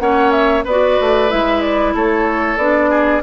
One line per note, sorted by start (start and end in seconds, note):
0.00 0.65 A#3
0.00 0.65 C#4
0.00 0.65 C#5
0.00 0.32 F#5
0.32 0.64 E5
0.65 0.99 B3
0.65 1.29 F#4
0.65 1.94 B4
0.65 1.31 D5
1.01 1.33 A3
1.29 1.95 G#3
1.29 2.58 E4
1.29 1.62 E5
1.62 1.94 D5
1.95 2.57 A3
1.95 2.91 A4
1.95 2.58 C#5
2.57 3.22 B3
2.57 3.23 D4
2.57 3.22 D5
2.91 3.23 G#4